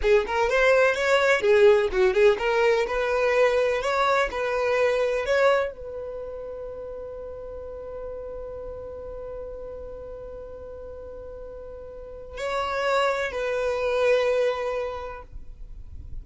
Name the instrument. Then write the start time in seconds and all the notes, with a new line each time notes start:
violin
0.02 G#4
0.27 A#4
0.49 C5
0.94 C#5
1.41 G#4
1.92 F#4
2.13 G#4
2.38 A#4
2.87 B4
3.81 C#5
4.31 B4
5.25 C#5
5.72 B4
12.37 C#5
13.31 B4